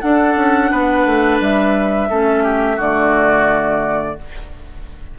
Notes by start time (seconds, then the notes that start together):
0.00 D4 A4 F#5
0.36 C#4
0.71 B3 B4
1.06 A3
1.40 G3 E5
2.09 A3 C#4 A4
2.43 G4
2.76 D3 A3 F#4 D5